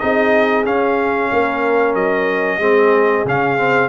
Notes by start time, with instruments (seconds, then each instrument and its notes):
0.00 tuba C4, trombone D#4, horn G#4, trumpet D#5
0.65 trombone C#4, tuba C#4, trumpet F5
1.32 tuba A#3, horn A#4
1.95 tuba F#3, trumpet D#5
2.59 tuba G#3, trombone C4, horn G#4
3.25 tuba C#3, trombone C#4, trumpet F5
3.58 trombone C4